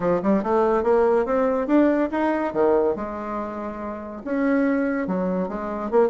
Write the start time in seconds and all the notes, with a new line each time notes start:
0.00 F3
0.22 G3
0.43 A3
0.83 A#3
1.25 C4
1.67 D4
2.11 D#4
2.53 D#3
2.95 G#3
4.24 C#4
5.07 F#3
5.48 G#3
5.90 A#3